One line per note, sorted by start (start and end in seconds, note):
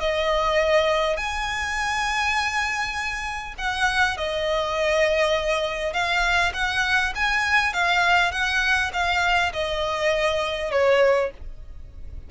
0.00 1.17 D#5
1.17 3.55 G#5
3.58 4.17 F#5
4.17 5.93 D#5
5.93 6.53 F5
6.54 7.13 F#5
7.15 7.73 G#5
7.73 8.32 F5
8.32 8.91 F#5
8.93 9.53 F5
9.53 10.71 D#5
10.71 11.31 C#5